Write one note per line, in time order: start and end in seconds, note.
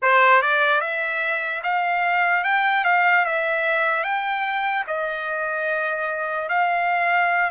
0.01 0.42 C5
0.42 0.80 D5
0.80 1.61 E5
1.63 2.44 F5
2.44 2.84 G5
2.84 3.25 F5
3.25 4.03 E5
4.03 4.84 G5
4.87 6.49 D#5
6.49 7.50 F5